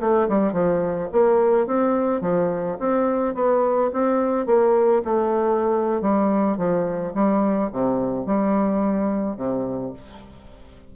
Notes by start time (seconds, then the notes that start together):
0.00 A3
0.29 G3
0.53 F3
1.12 A#3
1.67 C4
2.21 F3
2.79 C4
3.35 B3
3.93 C4
4.46 A#3
5.05 A3
6.01 G3
6.57 F3
7.14 G3
7.72 C3
8.26 G3
9.37 C3